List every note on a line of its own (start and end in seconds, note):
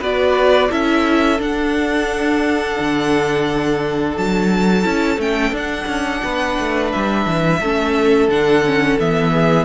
0.00 0.70 B3
0.00 0.71 F#4
0.00 0.69 B4
0.00 0.72 D5
0.71 1.41 C#4
0.71 1.39 E4
0.71 6.22 A4
0.71 1.41 E5
1.39 4.83 D4
1.39 2.78 D4
1.39 4.18 F#5
2.80 4.18 D3
4.18 4.86 F#3
4.18 5.21 A5
4.83 5.18 C#4
4.83 5.18 E4
5.18 5.52 A3
5.18 5.53 C#4
5.18 5.56 G5
5.52 5.87 D4
5.52 7.61 D4
5.52 6.92 F#5
5.87 6.22 C#4
6.24 6.59 B3
6.24 7.60 B4
6.59 6.94 A3
6.92 7.27 G3
6.92 8.30 E5
7.27 7.61 E3
7.60 8.28 A3
7.60 8.30 C#4
7.60 9.33 A4
8.28 8.97 D3
8.28 8.65 D4
8.28 9.00 F#5
8.66 9.00 C#4
9.00 9.65 E3
9.00 9.65 B3
9.00 9.65 E5
9.33 9.65 G#4